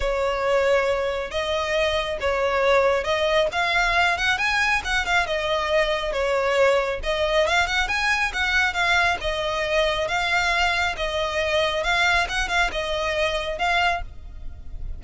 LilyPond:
\new Staff \with { instrumentName = "violin" } { \time 4/4 \tempo 4 = 137 cis''2. dis''4~ | dis''4 cis''2 dis''4 | f''4. fis''8 gis''4 fis''8 f''8 | dis''2 cis''2 |
dis''4 f''8 fis''8 gis''4 fis''4 | f''4 dis''2 f''4~ | f''4 dis''2 f''4 | fis''8 f''8 dis''2 f''4 | }